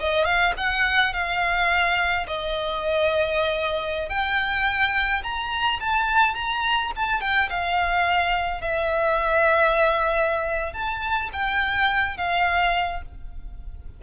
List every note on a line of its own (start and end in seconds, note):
0.00 0.25 D#5
0.25 0.54 F5
0.57 1.13 F#5
1.13 2.26 F5
2.27 4.10 D#5
4.10 5.23 G5
5.23 5.80 A#5
5.80 6.35 A5
6.35 6.92 A#5
6.96 7.21 A5
7.21 7.49 G5
7.50 8.61 F5
8.61 10.73 E5
10.73 11.30 A5
11.33 12.17 G5
12.17 13.02 F5